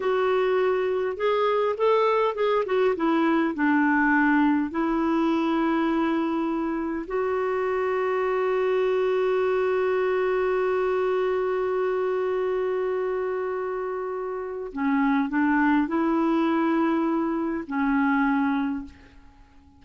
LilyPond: \new Staff \with { instrumentName = "clarinet" } { \time 4/4 \tempo 4 = 102 fis'2 gis'4 a'4 | gis'8 fis'8 e'4 d'2 | e'1 | fis'1~ |
fis'1~ | fis'1~ | fis'4 cis'4 d'4 e'4~ | e'2 cis'2 | }